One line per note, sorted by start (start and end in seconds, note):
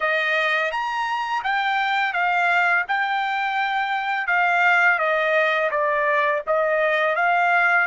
0.00 0.71 D#5
0.71 1.43 A#5
1.43 2.13 G5
2.13 2.84 F5
2.87 4.27 G5
4.27 4.98 F5
4.98 5.69 D#5
5.70 6.42 D5
6.46 7.15 D#5
7.15 7.87 F5